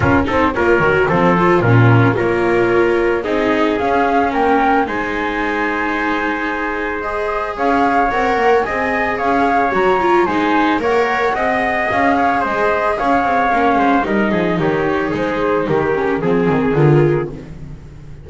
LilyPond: <<
  \new Staff \with { instrumentName = "flute" } { \time 4/4 \tempo 4 = 111 ais'8 c''8 cis''4 c''4 ais'4 | cis''2 dis''4 f''4 | g''4 gis''2.~ | gis''4 dis''4 f''4 fis''4 |
gis''4 f''4 ais''4 gis''4 | fis''2 f''4 dis''4 | f''2 dis''4 cis''4 | c''4 ais'4 gis'4 ais'4 | }
  \new Staff \with { instrumentName = "trumpet" } { \time 4/4 f'8 a'8 ais'4 a'4 f'4 | ais'2 gis'2 | ais'4 c''2.~ | c''2 cis''2 |
dis''4 cis''2 c''4 | cis''4 dis''4. cis''8 c''4 | cis''4. c''8 ais'8 gis'8 g'4 | gis'4 g'4 gis'2 | }
  \new Staff \with { instrumentName = "viola" } { \time 4/4 cis'8 dis'8 f'8 fis'8 c'8 f'8 cis'4 | f'2 dis'4 cis'4~ | cis'4 dis'2.~ | dis'4 gis'2 ais'4 |
gis'2 fis'8 f'8 dis'4 | ais'4 gis'2.~ | gis'4 cis'4 dis'2~ | dis'4. cis'8 c'4 f'4 | }
  \new Staff \with { instrumentName = "double bass" } { \time 4/4 cis'8 c'8 ais8 dis8 f4 ais,4 | ais2 c'4 cis'4 | ais4 gis2.~ | gis2 cis'4 c'8 ais8 |
c'4 cis'4 fis4 gis4 | ais4 c'4 cis'4 gis4 | cis'8 c'8 ais8 gis8 g8 f8 dis4 | gis4 dis4 f8 dis8 d4 | }
>>